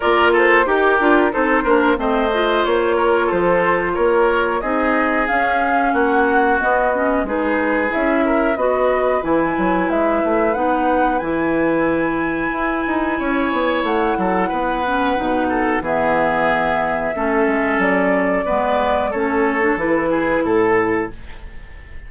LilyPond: <<
  \new Staff \with { instrumentName = "flute" } { \time 4/4 \tempo 4 = 91 d''8 c''8 ais'4 c''4 dis''4 | cis''4 c''4 cis''4 dis''4 | f''4 fis''4 dis''4 b'4 | e''4 dis''4 gis''4 e''4 |
fis''4 gis''2.~ | gis''4 fis''2. | e''2. d''4~ | d''4 cis''4 b'4 a'4 | }
  \new Staff \with { instrumentName = "oboe" } { \time 4/4 ais'8 a'8 g'4 a'8 ais'8 c''4~ | c''8 ais'8 a'4 ais'4 gis'4~ | gis'4 fis'2 gis'4~ | gis'8 ais'8 b'2.~ |
b'1 | cis''4. a'8 b'4. a'8 | gis'2 a'2 | b'4 a'4. gis'8 a'4 | }
  \new Staff \with { instrumentName = "clarinet" } { \time 4/4 f'4 g'8 f'8 dis'8 d'8 c'8 f'8~ | f'2. dis'4 | cis'2 b8 cis'8 dis'4 | e'4 fis'4 e'2 |
dis'4 e'2.~ | e'2~ e'8 cis'8 dis'4 | b2 cis'2 | b4 cis'8. d'16 e'2 | }
  \new Staff \with { instrumentName = "bassoon" } { \time 4/4 ais4 dis'8 d'8 c'8 ais8 a4 | ais4 f4 ais4 c'4 | cis'4 ais4 b4 gis4 | cis'4 b4 e8 fis8 gis8 a8 |
b4 e2 e'8 dis'8 | cis'8 b8 a8 fis8 b4 b,4 | e2 a8 gis8 fis4 | gis4 a4 e4 a,4 | }
>>